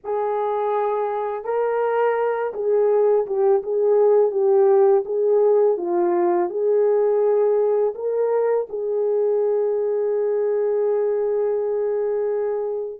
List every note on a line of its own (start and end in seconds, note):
0.04 1.44 G#4
1.44 2.53 A#4
2.53 3.25 G#4
3.26 3.62 G4
3.62 4.31 G#4
4.31 5.03 G4
5.05 5.77 G#4
5.77 6.49 F4
6.49 7.94 G#4
7.95 8.67 A#4
8.69 13.00 G#4